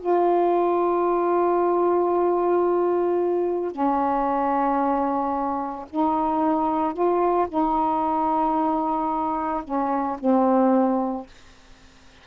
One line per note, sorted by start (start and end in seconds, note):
0.00 3.72 F4
3.72 5.86 C#4
5.90 6.94 D#4
6.94 7.47 F4
7.49 9.63 D#4
9.64 10.17 C#4
10.19 11.26 C4